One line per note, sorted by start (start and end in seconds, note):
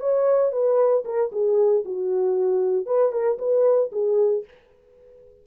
0.00 0.52 C#5
0.52 1.04 B4
1.05 1.31 A#4
1.32 1.85 G#4
1.85 2.86 F#4
2.86 3.12 B4
3.12 3.38 A#4
3.39 3.91 B4
3.92 4.44 G#4